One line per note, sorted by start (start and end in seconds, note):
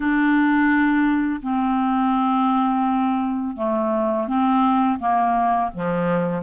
0.00 1.40 D4
1.42 3.56 C4
3.56 4.27 A3
4.27 4.98 C4
4.99 5.70 A#3
5.73 6.42 F3